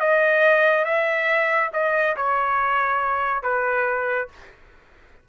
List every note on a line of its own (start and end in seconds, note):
0.00 0.85 D#5
0.85 1.70 E5
1.73 2.15 D#5
2.16 3.42 C#5
3.42 4.28 B4